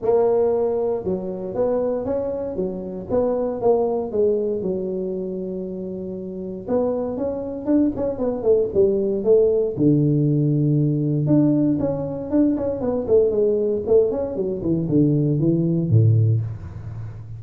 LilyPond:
\new Staff \with { instrumentName = "tuba" } { \time 4/4 \tempo 4 = 117 ais2 fis4 b4 | cis'4 fis4 b4 ais4 | gis4 fis2.~ | fis4 b4 cis'4 d'8 cis'8 |
b8 a8 g4 a4 d4~ | d2 d'4 cis'4 | d'8 cis'8 b8 a8 gis4 a8 cis'8 | fis8 e8 d4 e4 a,4 | }